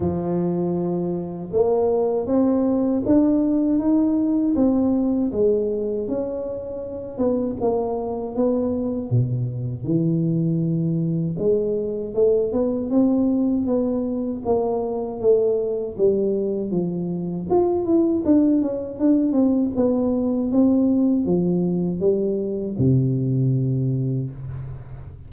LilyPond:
\new Staff \with { instrumentName = "tuba" } { \time 4/4 \tempo 4 = 79 f2 ais4 c'4 | d'4 dis'4 c'4 gis4 | cis'4. b8 ais4 b4 | b,4 e2 gis4 |
a8 b8 c'4 b4 ais4 | a4 g4 f4 f'8 e'8 | d'8 cis'8 d'8 c'8 b4 c'4 | f4 g4 c2 | }